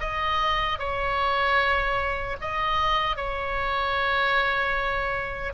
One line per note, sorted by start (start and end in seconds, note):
0.00 0.79 D#5
0.79 2.36 C#5
2.41 3.16 D#5
3.16 5.53 C#5